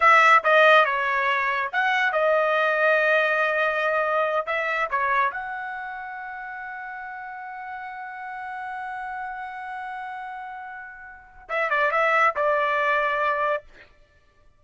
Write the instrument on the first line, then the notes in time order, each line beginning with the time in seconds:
trumpet
0.00 E5
0.43 D#5
0.85 C#5
1.72 F#5
2.12 D#5
4.46 E5
4.90 C#5
5.31 F#5
11.49 E5
11.70 D5
11.91 E5
12.35 D5